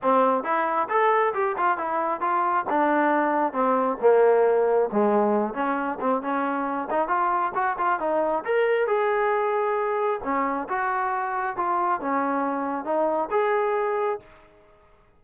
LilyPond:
\new Staff \with { instrumentName = "trombone" } { \time 4/4 \tempo 4 = 135 c'4 e'4 a'4 g'8 f'8 | e'4 f'4 d'2 | c'4 ais2 gis4~ | gis8 cis'4 c'8 cis'4. dis'8 |
f'4 fis'8 f'8 dis'4 ais'4 | gis'2. cis'4 | fis'2 f'4 cis'4~ | cis'4 dis'4 gis'2 | }